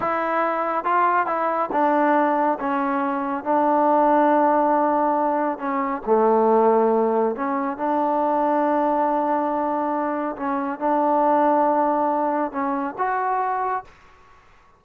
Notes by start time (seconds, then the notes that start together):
0.00 E4
0.84 F4
1.26 E4
1.72 D4
2.59 C#4
3.44 D4
5.58 C#4
6.06 A3
7.35 C#4
7.77 D4
10.36 C#4
10.79 D4
12.51 C#4
12.98 F#4